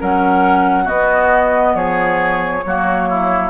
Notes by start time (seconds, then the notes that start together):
0.00 F#3 C#4 A#4 F#5
0.84 B3 F#4 D#5
1.75 F3 G#4 C#5
2.66 F#3 A#3 F#4
3.09 E4